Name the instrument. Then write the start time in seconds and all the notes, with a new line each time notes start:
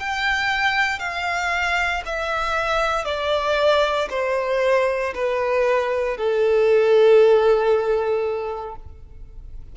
violin
0.00 G5
0.99 F5
2.05 E5
3.05 D5
4.11 C5
5.14 B4
6.17 A4